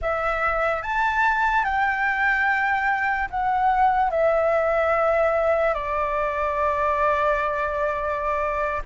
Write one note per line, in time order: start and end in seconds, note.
0.01 0.82 E5
0.82 1.64 A5
1.64 3.28 G5
3.30 4.10 F#5
4.10 5.73 E5
5.73 8.82 D5